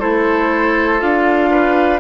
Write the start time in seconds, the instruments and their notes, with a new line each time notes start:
0.00 bassoon A3, clarinet E4, oboe A4, flute C5
0.99 bassoon D4, clarinet F4, flute F5
1.51 oboe B4